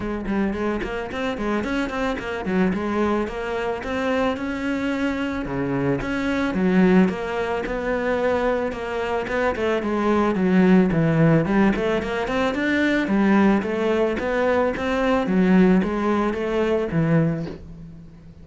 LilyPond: \new Staff \with { instrumentName = "cello" } { \time 4/4 \tempo 4 = 110 gis8 g8 gis8 ais8 c'8 gis8 cis'8 c'8 | ais8 fis8 gis4 ais4 c'4 | cis'2 cis4 cis'4 | fis4 ais4 b2 |
ais4 b8 a8 gis4 fis4 | e4 g8 a8 ais8 c'8 d'4 | g4 a4 b4 c'4 | fis4 gis4 a4 e4 | }